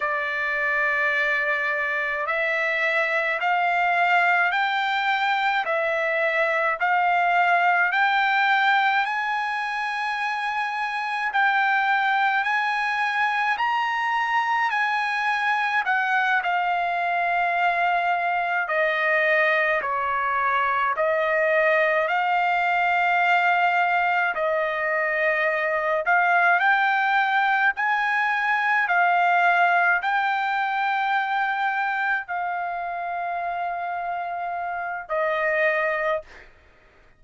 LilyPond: \new Staff \with { instrumentName = "trumpet" } { \time 4/4 \tempo 4 = 53 d''2 e''4 f''4 | g''4 e''4 f''4 g''4 | gis''2 g''4 gis''4 | ais''4 gis''4 fis''8 f''4.~ |
f''8 dis''4 cis''4 dis''4 f''8~ | f''4. dis''4. f''8 g''8~ | g''8 gis''4 f''4 g''4.~ | g''8 f''2~ f''8 dis''4 | }